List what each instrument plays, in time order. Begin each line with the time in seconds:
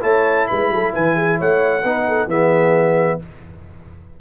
0.00 tuba A3, trombone E4, horn C#5, trumpet A5
0.47 tuba G#3, horn B4, trumpet B5
0.69 tuba F#3, horn A4
0.93 tuba E3, horn B4, trumpet G#5
1.16 horn G#4
1.38 tuba A3, horn C#5, trumpet F#5
1.83 tuba B3, trombone D#4, horn B4
2.08 horn A4
2.26 tuba E3, trombone B3, horn G#4, trumpet E5